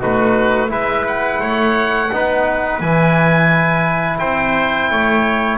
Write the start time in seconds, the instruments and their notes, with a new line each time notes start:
0.00 double bass A3, trombone D#4, trumpet F#4, oboe B4
0.69 double bass G#3, trombone E4, trumpet B4, oboe E5
1.08 oboe F#5
1.41 double bass A3, trumpet C#5
2.13 double bass B3, trombone D#4, trumpet B4
2.81 double bass E3, trombone E4, oboe G#5
4.19 double bass C4, trumpet C5, oboe G5
4.91 double bass A3, trumpet C#5